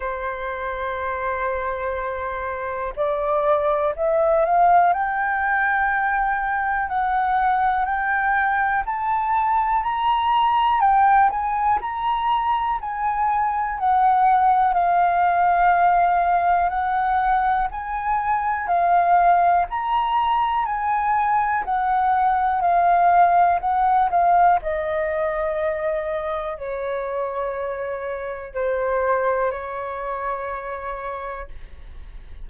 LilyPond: \new Staff \with { instrumentName = "flute" } { \time 4/4 \tempo 4 = 61 c''2. d''4 | e''8 f''8 g''2 fis''4 | g''4 a''4 ais''4 g''8 gis''8 | ais''4 gis''4 fis''4 f''4~ |
f''4 fis''4 gis''4 f''4 | ais''4 gis''4 fis''4 f''4 | fis''8 f''8 dis''2 cis''4~ | cis''4 c''4 cis''2 | }